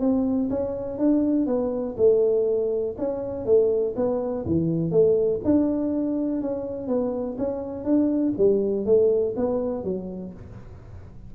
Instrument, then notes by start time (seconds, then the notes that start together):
tuba
0.00 C4
0.50 C#4
0.98 D4
1.46 B3
1.97 A3
2.98 C#4
3.46 A3
3.96 B3
4.46 E3
4.91 A3
5.44 D4
6.42 C#4
6.88 B3
7.38 C#4
7.84 D4
8.37 G3
8.85 A3
9.36 B3
9.84 F#3